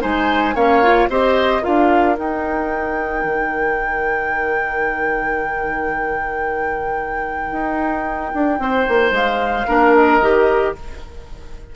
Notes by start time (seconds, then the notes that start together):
0.00 G#3 D#4 C5 G#5
0.54 A#3 C#4 C#5 F5
0.83 F4
1.08 C4 G4 C5 D#5
1.62 D4 F4 A#4 F5
2.15 D#4 G5
3.24 D#3
7.52 D#4
8.34 D4
8.59 C4 C5
8.88 A#3
9.11 G#3 F5
9.67 A#3 D4 A#4
9.95 D#5
10.21 D#3 G4